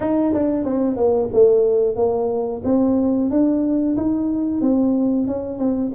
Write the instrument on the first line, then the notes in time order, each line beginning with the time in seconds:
tuba
0.00 D#4
0.33 D4
0.64 C4
0.96 A#3
1.33 A3
1.96 A#3
2.64 C4
3.30 D4
3.97 D#4
4.61 C4
5.27 C#4
5.58 C4